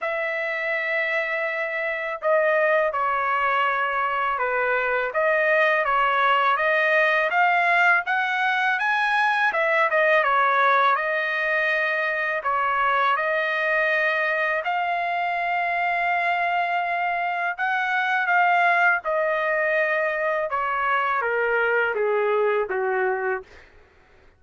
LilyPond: \new Staff \with { instrumentName = "trumpet" } { \time 4/4 \tempo 4 = 82 e''2. dis''4 | cis''2 b'4 dis''4 | cis''4 dis''4 f''4 fis''4 | gis''4 e''8 dis''8 cis''4 dis''4~ |
dis''4 cis''4 dis''2 | f''1 | fis''4 f''4 dis''2 | cis''4 ais'4 gis'4 fis'4 | }